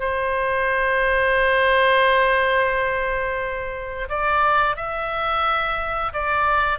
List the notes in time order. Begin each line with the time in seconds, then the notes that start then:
0.00 C5
4.09 D5
4.76 E5
6.13 D5